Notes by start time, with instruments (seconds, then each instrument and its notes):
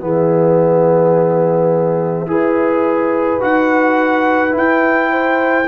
0.00 tuba E3, trombone B3, horn G#4, trumpet E5
2.26 tuba E4, trombone G#4, horn B4
3.40 tuba D#4, trombone F#4, trumpet F#5
4.51 trombone E4, trumpet G5
4.57 tuba E4
5.11 horn C5